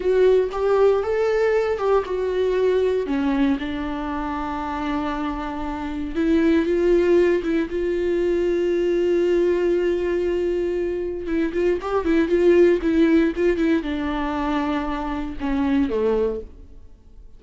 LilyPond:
\new Staff \with { instrumentName = "viola" } { \time 4/4 \tempo 4 = 117 fis'4 g'4 a'4. g'8 | fis'2 cis'4 d'4~ | d'1 | e'4 f'4. e'8 f'4~ |
f'1~ | f'2 e'8 f'8 g'8 e'8 | f'4 e'4 f'8 e'8 d'4~ | d'2 cis'4 a4 | }